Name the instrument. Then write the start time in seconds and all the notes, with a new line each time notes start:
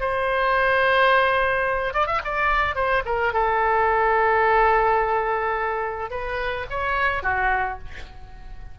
oboe
0.00 C5
1.94 D5
2.07 E5
2.24 D5
2.75 C5
3.06 A#4
3.34 A4
6.11 B4
6.70 C#5
7.23 F#4